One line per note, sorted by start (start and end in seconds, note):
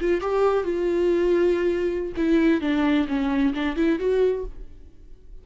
0.00 0.21 F4
0.21 0.64 G4
0.64 2.13 F4
2.17 2.61 E4
2.61 3.07 D4
3.07 3.53 C#4
3.54 3.76 D4
3.76 3.99 E4
3.99 4.44 F#4